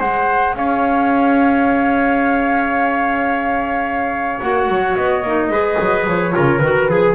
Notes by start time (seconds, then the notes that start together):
0.00 G#3 G#4 C5 F#5
0.55 C#4 C#5 F5
4.41 A#3 F#4 F#5
4.69 F#3
4.96 B3 D#5
5.23 A#3 D#4
5.49 G#3 G#4 B4
5.80 F#3
6.06 F3 C#5
6.32 C#3 F4 A#4
6.59 D#3 F#4 B4
6.88 F3 G#4